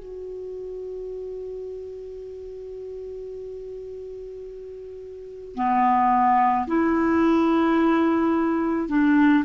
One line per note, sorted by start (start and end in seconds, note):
0.00 5.56 F#4
5.56 6.67 B3
6.68 8.89 E4
8.89 9.44 D4